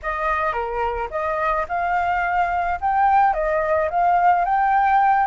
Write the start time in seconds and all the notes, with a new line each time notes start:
0.02 D#5
0.52 A#4
1.10 D#5
1.68 F5
2.80 G5
3.33 D#5
3.90 F5
4.44 G5